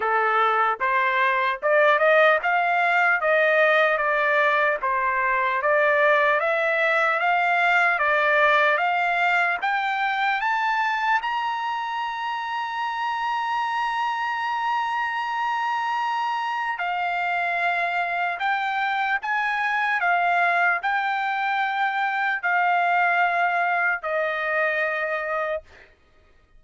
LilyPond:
\new Staff \with { instrumentName = "trumpet" } { \time 4/4 \tempo 4 = 75 a'4 c''4 d''8 dis''8 f''4 | dis''4 d''4 c''4 d''4 | e''4 f''4 d''4 f''4 | g''4 a''4 ais''2~ |
ais''1~ | ais''4 f''2 g''4 | gis''4 f''4 g''2 | f''2 dis''2 | }